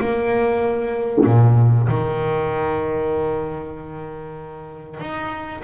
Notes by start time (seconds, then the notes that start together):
0.00 A#3
1.26 A#2
1.89 D#3
5.00 D#4